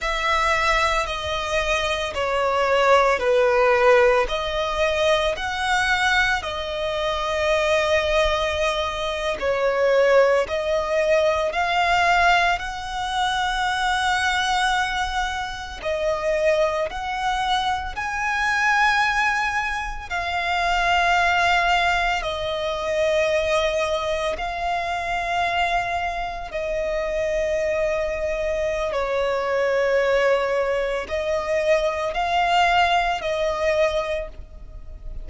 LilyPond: \new Staff \with { instrumentName = "violin" } { \time 4/4 \tempo 4 = 56 e''4 dis''4 cis''4 b'4 | dis''4 fis''4 dis''2~ | dis''8. cis''4 dis''4 f''4 fis''16~ | fis''2~ fis''8. dis''4 fis''16~ |
fis''8. gis''2 f''4~ f''16~ | f''8. dis''2 f''4~ f''16~ | f''8. dis''2~ dis''16 cis''4~ | cis''4 dis''4 f''4 dis''4 | }